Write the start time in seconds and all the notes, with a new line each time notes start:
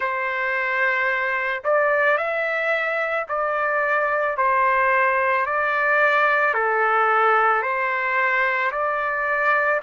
0.00 C5
1.64 D5
2.17 E5
3.28 D5
4.37 C5
5.45 D5
6.54 A4
7.62 C5
8.71 D5